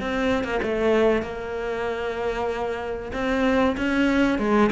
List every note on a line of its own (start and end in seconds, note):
0.00 0.44 C4
0.44 0.60 A#3
0.63 1.22 A3
1.22 3.11 A#3
3.13 3.76 C4
3.77 4.38 C#4
4.38 4.70 G#3